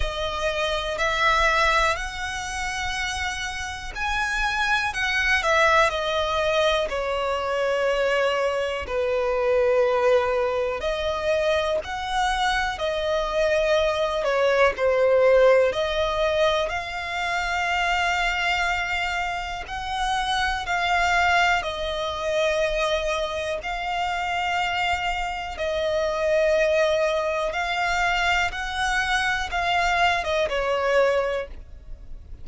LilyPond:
\new Staff \with { instrumentName = "violin" } { \time 4/4 \tempo 4 = 61 dis''4 e''4 fis''2 | gis''4 fis''8 e''8 dis''4 cis''4~ | cis''4 b'2 dis''4 | fis''4 dis''4. cis''8 c''4 |
dis''4 f''2. | fis''4 f''4 dis''2 | f''2 dis''2 | f''4 fis''4 f''8. dis''16 cis''4 | }